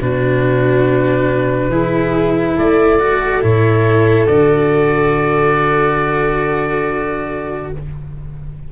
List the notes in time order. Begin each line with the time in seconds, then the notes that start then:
0.00 B2 D4 F#4 B4
1.68 E3 E4 G#4
2.56 A3 A4 D5
2.99 F#4
3.41 A2 E4 C#5
4.27 D3 F#4 D5